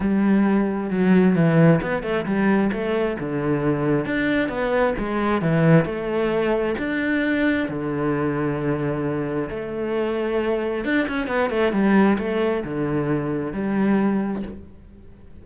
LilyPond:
\new Staff \with { instrumentName = "cello" } { \time 4/4 \tempo 4 = 133 g2 fis4 e4 | b8 a8 g4 a4 d4~ | d4 d'4 b4 gis4 | e4 a2 d'4~ |
d'4 d2.~ | d4 a2. | d'8 cis'8 b8 a8 g4 a4 | d2 g2 | }